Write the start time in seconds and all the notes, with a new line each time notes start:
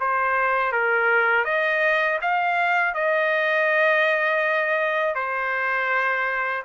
0.00 C5
0.72 A#4
1.44 D#5
2.21 F5
2.94 D#5
5.15 C5